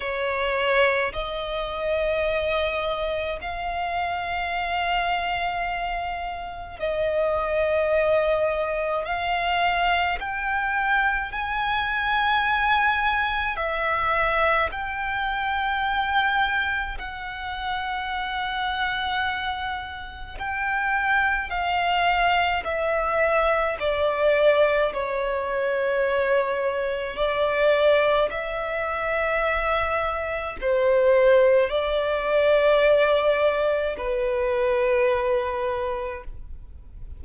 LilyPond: \new Staff \with { instrumentName = "violin" } { \time 4/4 \tempo 4 = 53 cis''4 dis''2 f''4~ | f''2 dis''2 | f''4 g''4 gis''2 | e''4 g''2 fis''4~ |
fis''2 g''4 f''4 | e''4 d''4 cis''2 | d''4 e''2 c''4 | d''2 b'2 | }